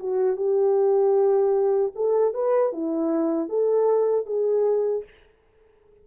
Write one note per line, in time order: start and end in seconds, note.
0.00 0.37 F#4
0.37 1.93 G4
1.96 2.34 A4
2.34 2.72 B4
2.72 3.49 E4
3.49 4.26 A4
4.26 5.04 G#4